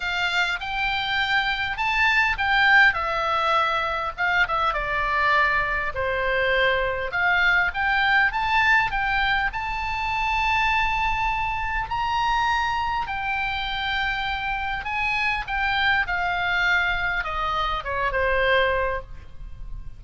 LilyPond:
\new Staff \with { instrumentName = "oboe" } { \time 4/4 \tempo 4 = 101 f''4 g''2 a''4 | g''4 e''2 f''8 e''8 | d''2 c''2 | f''4 g''4 a''4 g''4 |
a''1 | ais''2 g''2~ | g''4 gis''4 g''4 f''4~ | f''4 dis''4 cis''8 c''4. | }